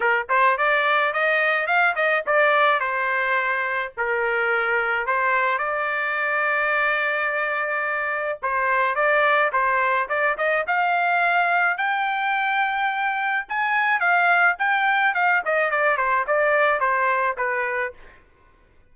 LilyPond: \new Staff \with { instrumentName = "trumpet" } { \time 4/4 \tempo 4 = 107 ais'8 c''8 d''4 dis''4 f''8 dis''8 | d''4 c''2 ais'4~ | ais'4 c''4 d''2~ | d''2. c''4 |
d''4 c''4 d''8 dis''8 f''4~ | f''4 g''2. | gis''4 f''4 g''4 f''8 dis''8 | d''8 c''8 d''4 c''4 b'4 | }